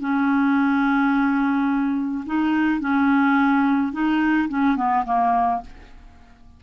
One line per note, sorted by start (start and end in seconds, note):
0.00 2.24 C#4
2.26 2.80 D#4
2.80 3.92 C#4
3.92 4.48 D#4
4.49 4.76 C#4
4.76 5.04 B3
5.05 5.61 A#3